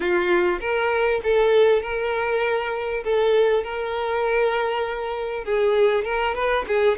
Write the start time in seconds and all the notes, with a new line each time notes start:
0.00 F4
0.60 A#4
1.23 A4
1.82 A#4
3.03 A4
3.63 A#4
5.44 G#4
6.04 A#4
6.35 B4
6.67 G#4